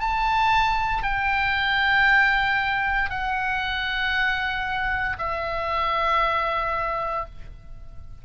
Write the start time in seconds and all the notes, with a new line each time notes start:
0.00 A5
1.03 G5
3.10 F#5
5.19 E5